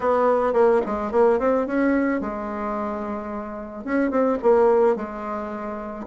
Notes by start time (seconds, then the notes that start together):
0.00 B3
0.53 A#3
0.85 G#3
1.11 A#3
1.39 C4
1.66 C#4
2.20 G#3
3.84 C#4
4.10 C4
4.42 A#3
4.96 G#3